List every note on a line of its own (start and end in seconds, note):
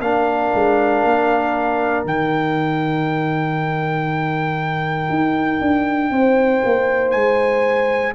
0.00 0.51 A#3
0.00 2.06 D4
0.00 6.11 A#4
0.00 2.05 F5
0.54 1.03 G#3
1.03 2.05 A#3
2.05 5.09 D#3
2.05 8.15 D#4
2.05 7.11 G5
5.09 5.60 D#4
5.61 6.11 D4
6.11 6.62 C4
6.11 8.15 C5
6.65 7.14 A#3
7.11 8.15 G#3
7.11 8.13 G#5